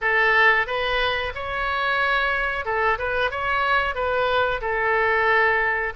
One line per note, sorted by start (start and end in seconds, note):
0.01 0.67 A4
0.67 1.32 B4
1.34 2.65 C#5
2.65 2.98 A4
2.98 3.30 B4
3.30 3.94 C#5
3.94 4.60 B4
4.61 5.93 A4